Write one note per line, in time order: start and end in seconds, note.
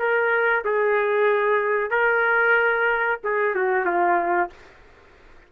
0.00 0.65 A#4
0.65 1.91 G#4
1.91 3.20 A#4
3.24 3.55 G#4
3.55 3.86 F#4
3.86 4.50 F4